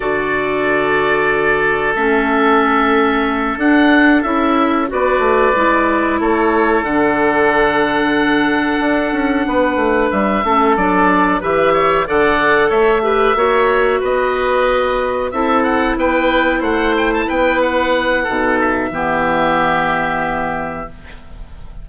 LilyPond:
<<
  \new Staff \with { instrumentName = "oboe" } { \time 4/4 \tempo 4 = 92 d''2. e''4~ | e''4. fis''4 e''4 d''8~ | d''4. cis''4 fis''4.~ | fis''2.~ fis''8 e''8~ |
e''8 d''4 e''4 fis''4 e''8~ | e''4. dis''2 e''8 | fis''8 g''4 fis''8 g''16 a''16 g''8 fis''4~ | fis''8 e''2.~ e''8 | }
  \new Staff \with { instrumentName = "oboe" } { \time 4/4 a'1~ | a'2.~ a'8 b'8~ | b'4. a'2~ a'8~ | a'2~ a'8 b'4. |
a'4. b'8 cis''8 d''4 cis''8 | b'8 cis''4 b'2 a'8~ | a'8 b'4 c''4 b'4. | a'4 g'2. | }
  \new Staff \with { instrumentName = "clarinet" } { \time 4/4 fis'2. cis'4~ | cis'4. d'4 e'4 fis'8~ | fis'8 e'2 d'4.~ | d'1 |
cis'8 d'4 g'4 a'4. | g'8 fis'2. e'8~ | e'1 | dis'4 b2. | }
  \new Staff \with { instrumentName = "bassoon" } { \time 4/4 d2. a4~ | a4. d'4 cis'4 b8 | a8 gis4 a4 d4.~ | d4. d'8 cis'8 b8 a8 g8 |
a8 fis4 e4 d4 a8~ | a8 ais4 b2 c'8~ | c'8 b4 a4 b4. | b,4 e2. | }
>>